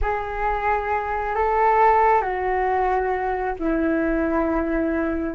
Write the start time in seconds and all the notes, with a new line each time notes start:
0.01 G#4
1.35 A4
2.21 F#4
3.59 E4